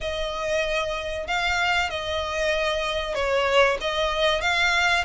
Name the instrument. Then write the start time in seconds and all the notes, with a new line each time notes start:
violin
0.00 D#5
1.27 F5
1.89 D#5
3.14 C#5
3.80 D#5
4.41 F5